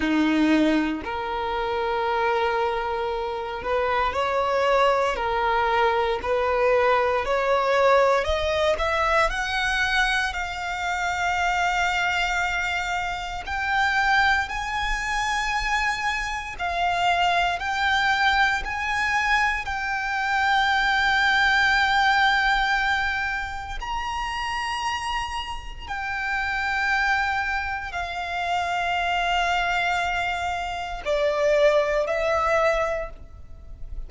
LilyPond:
\new Staff \with { instrumentName = "violin" } { \time 4/4 \tempo 4 = 58 dis'4 ais'2~ ais'8 b'8 | cis''4 ais'4 b'4 cis''4 | dis''8 e''8 fis''4 f''2~ | f''4 g''4 gis''2 |
f''4 g''4 gis''4 g''4~ | g''2. ais''4~ | ais''4 g''2 f''4~ | f''2 d''4 e''4 | }